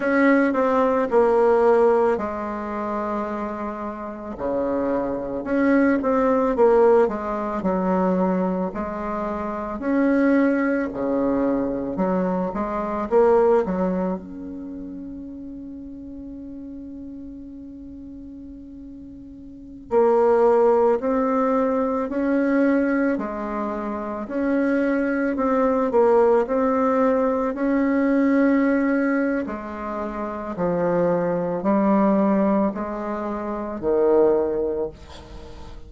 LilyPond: \new Staff \with { instrumentName = "bassoon" } { \time 4/4 \tempo 4 = 55 cis'8 c'8 ais4 gis2 | cis4 cis'8 c'8 ais8 gis8 fis4 | gis4 cis'4 cis4 fis8 gis8 | ais8 fis8 cis'2.~ |
cis'2~ cis'16 ais4 c'8.~ | c'16 cis'4 gis4 cis'4 c'8 ais16~ | ais16 c'4 cis'4.~ cis'16 gis4 | f4 g4 gis4 dis4 | }